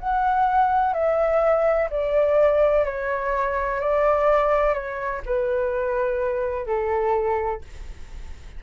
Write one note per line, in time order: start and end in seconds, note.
0.00 0.94 F#5
0.94 1.89 E5
1.91 2.85 D5
2.85 3.81 C#5
3.81 4.74 D5
4.74 5.22 C#5
5.26 6.67 B4
6.67 7.62 A4